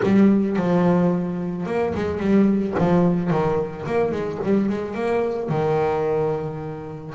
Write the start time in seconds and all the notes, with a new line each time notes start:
0.02 G3
0.56 F3
1.65 A#3
1.94 G#3
2.19 G3
2.78 F3
3.30 D#3
3.86 A#3
4.11 G#3
4.43 G3
4.69 G#3
4.94 A#3
5.49 D#3